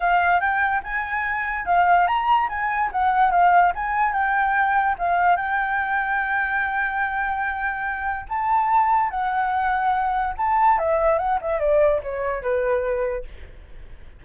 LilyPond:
\new Staff \with { instrumentName = "flute" } { \time 4/4 \tempo 4 = 145 f''4 g''4 gis''2 | f''4 ais''4 gis''4 fis''4 | f''4 gis''4 g''2 | f''4 g''2.~ |
g''1 | a''2 fis''2~ | fis''4 a''4 e''4 fis''8 e''8 | d''4 cis''4 b'2 | }